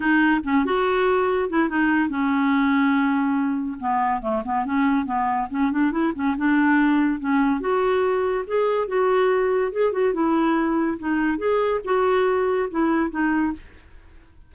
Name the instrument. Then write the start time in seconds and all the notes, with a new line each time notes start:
clarinet
0.00 D#4
0.43 C#4
0.65 F#4
1.49 E4
1.69 D#4
2.09 C#4
3.79 B3
4.21 A3
4.45 B3
4.65 C#4
5.05 B3
5.50 C#4
5.71 D4
5.91 E4
6.14 C#4
6.37 D4
7.19 C#4
7.60 F#4
8.46 G#4
8.87 F#4
9.72 G#4
9.92 F#4
10.13 E4
10.98 D#4
11.38 G#4
11.84 F#4
12.70 E4
13.10 D#4